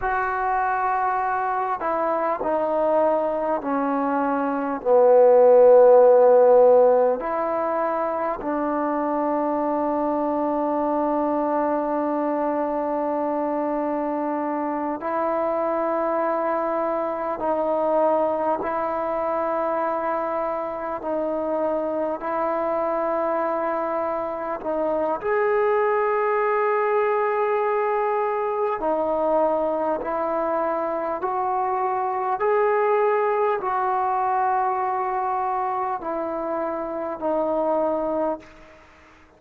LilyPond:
\new Staff \with { instrumentName = "trombone" } { \time 4/4 \tempo 4 = 50 fis'4. e'8 dis'4 cis'4 | b2 e'4 d'4~ | d'1~ | d'8 e'2 dis'4 e'8~ |
e'4. dis'4 e'4.~ | e'8 dis'8 gis'2. | dis'4 e'4 fis'4 gis'4 | fis'2 e'4 dis'4 | }